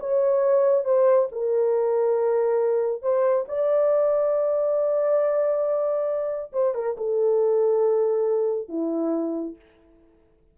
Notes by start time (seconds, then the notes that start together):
0.00 C#5
0.85 C5
1.32 A#4
3.03 C5
3.48 D5
6.53 C5
6.75 A#4
6.98 A4
8.69 E4